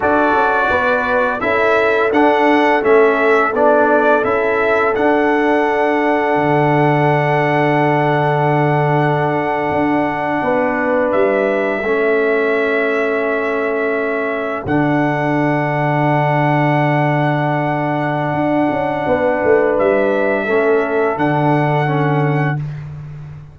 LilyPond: <<
  \new Staff \with { instrumentName = "trumpet" } { \time 4/4 \tempo 4 = 85 d''2 e''4 fis''4 | e''4 d''4 e''4 fis''4~ | fis''1~ | fis''2.~ fis''8. e''16~ |
e''1~ | e''8. fis''2.~ fis''16~ | fis''1 | e''2 fis''2 | }
  \new Staff \with { instrumentName = "horn" } { \time 4/4 a'4 b'4 a'2~ | a'1~ | a'1~ | a'2~ a'8. b'4~ b'16~ |
b'8. a'2.~ a'16~ | a'1~ | a'2. b'4~ | b'4 a'2. | }
  \new Staff \with { instrumentName = "trombone" } { \time 4/4 fis'2 e'4 d'4 | cis'4 d'4 e'4 d'4~ | d'1~ | d'1~ |
d'8. cis'2.~ cis'16~ | cis'8. d'2.~ d'16~ | d'1~ | d'4 cis'4 d'4 cis'4 | }
  \new Staff \with { instrumentName = "tuba" } { \time 4/4 d'8 cis'8 b4 cis'4 d'4 | a4 b4 cis'4 d'4~ | d'4 d2.~ | d4.~ d16 d'4 b4 g16~ |
g8. a2.~ a16~ | a8. d2.~ d16~ | d2 d'8 cis'8 b8 a8 | g4 a4 d2 | }
>>